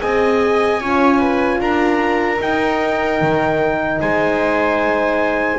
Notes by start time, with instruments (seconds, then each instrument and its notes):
0.00 double bass C4, horn G#4, viola D#5, trumpet G#5
0.80 double bass C#4, horn F4, viola C#5
1.19 viola B4
1.60 double bass D4, viola A#4, trumpet A#5
2.38 horn D#4, double bass D#4, trumpet G5
3.21 double bass D#3
4.00 double bass G#3, viola C5, trumpet G#5